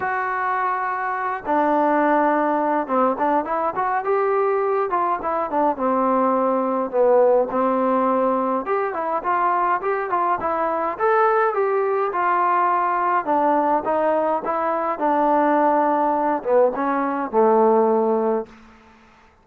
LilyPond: \new Staff \with { instrumentName = "trombone" } { \time 4/4 \tempo 4 = 104 fis'2~ fis'8 d'4.~ | d'4 c'8 d'8 e'8 fis'8 g'4~ | g'8 f'8 e'8 d'8 c'2 | b4 c'2 g'8 e'8 |
f'4 g'8 f'8 e'4 a'4 | g'4 f'2 d'4 | dis'4 e'4 d'2~ | d'8 b8 cis'4 a2 | }